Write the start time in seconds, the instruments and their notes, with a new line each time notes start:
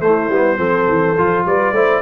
0.00 tuba A3, trombone A3, horn E4, trumpet C5
0.29 tuba G3, trombone B3
0.58 tuba F3, trombone C4, horn A4
0.88 tuba E3
1.18 tuba F3, trombone F4
1.45 tuba G3, horn B4, trumpet D5
1.72 tuba A3, trombone E4, horn C5